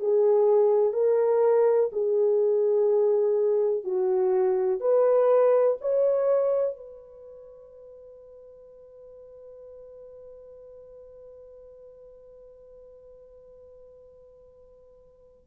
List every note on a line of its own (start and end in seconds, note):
0.00 0.93 G#4
0.93 1.90 A#4
1.92 3.84 G#4
3.84 4.80 F#4
4.80 5.77 B4
5.81 6.77 C#5
6.77 15.47 B4